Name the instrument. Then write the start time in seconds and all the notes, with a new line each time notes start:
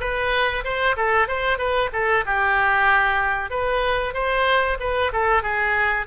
oboe
0.00 B4
0.64 C5
0.96 A4
1.28 C5
1.58 B4
1.93 A4
2.25 G4
3.50 B4
4.13 C5
4.80 B4
5.12 A4
5.42 G#4